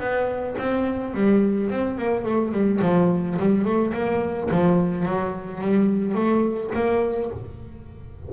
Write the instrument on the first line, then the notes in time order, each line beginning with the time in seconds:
double bass
0.00 B3
0.58 C4
1.14 G3
1.71 C4
1.98 A#3
2.25 A3
2.52 G3
2.82 F3
3.39 G3
3.65 A3
3.94 A#3
4.51 F3
5.06 F#3
5.61 G3
6.15 A3
6.75 A#3